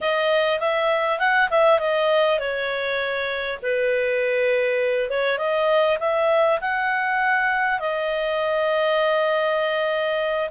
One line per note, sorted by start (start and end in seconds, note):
0.01 0.59 D#5
0.59 1.19 E5
1.19 1.49 F#5
1.50 1.79 E5
1.79 2.39 D#5
2.39 3.59 C#5
3.62 5.10 B4
5.10 5.38 C#5
5.38 5.98 D#5
5.99 6.59 E5
6.61 7.79 F#5
7.79 10.49 D#5